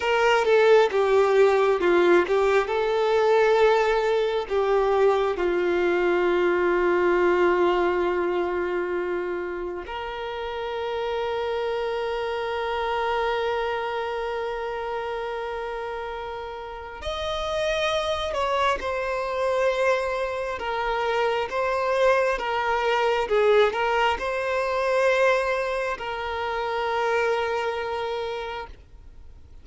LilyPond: \new Staff \with { instrumentName = "violin" } { \time 4/4 \tempo 4 = 67 ais'8 a'8 g'4 f'8 g'8 a'4~ | a'4 g'4 f'2~ | f'2. ais'4~ | ais'1~ |
ais'2. dis''4~ | dis''8 cis''8 c''2 ais'4 | c''4 ais'4 gis'8 ais'8 c''4~ | c''4 ais'2. | }